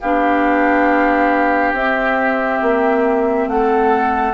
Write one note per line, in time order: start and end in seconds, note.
0.00 1.72 B3
0.00 1.76 D4
0.00 3.48 G4
0.00 1.74 F5
1.72 2.59 C4
1.72 4.34 C4
1.72 3.49 E5
2.62 3.47 A#3
3.47 4.34 A3
3.47 4.34 A4
3.47 4.34 F#5